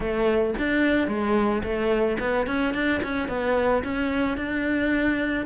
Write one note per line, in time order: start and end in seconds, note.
0.00 0.54 A3
0.58 1.07 D4
1.07 1.62 G#3
1.63 2.17 A3
2.19 2.46 B3
2.46 2.73 C#4
2.73 3.01 D4
3.03 3.28 C#4
3.28 3.83 B3
3.83 4.37 C#4
4.37 5.45 D4